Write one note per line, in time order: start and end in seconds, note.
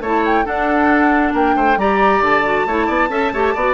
0.00 0.44 A3
0.00 0.45 E4
0.00 0.45 C#5
0.00 0.25 A5
0.25 0.46 G5
0.45 1.78 D4
0.45 1.33 D4
0.45 1.33 A4
0.45 1.34 F#5
1.33 1.55 A#3
1.33 1.55 A#4
1.33 1.79 G5
1.56 1.77 A3
1.56 1.78 C5
1.77 2.21 G3
1.77 2.44 G4
1.77 2.67 D5
1.77 2.23 A#5
2.21 2.65 D3
2.21 3.74 A5
2.44 2.66 F#4
2.66 2.88 A3
2.66 3.10 E4
2.66 2.86 C#5
2.86 3.09 B3
2.86 3.08 D5
3.09 3.31 C#4
3.09 3.32 A4
3.09 3.32 E5
3.33 3.55 A3
3.33 3.56 G4
3.33 3.54 C#5
3.54 3.74 B3
3.54 3.74 F#4
3.54 3.74 D5